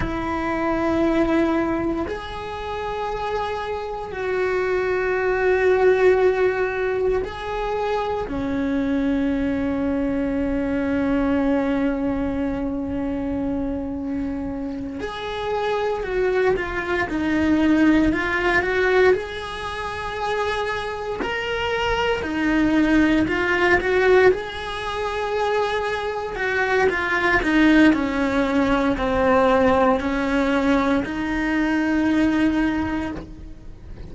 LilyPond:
\new Staff \with { instrumentName = "cello" } { \time 4/4 \tempo 4 = 58 e'2 gis'2 | fis'2. gis'4 | cis'1~ | cis'2~ cis'8 gis'4 fis'8 |
f'8 dis'4 f'8 fis'8 gis'4.~ | gis'8 ais'4 dis'4 f'8 fis'8 gis'8~ | gis'4. fis'8 f'8 dis'8 cis'4 | c'4 cis'4 dis'2 | }